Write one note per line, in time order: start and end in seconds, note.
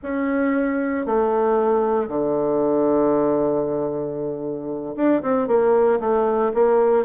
0.02 1.06 C#4
1.06 2.08 A3
2.08 4.95 D3
4.95 5.22 D4
5.22 5.47 C4
5.47 5.99 A#3
6.00 6.52 A3
6.53 7.05 A#3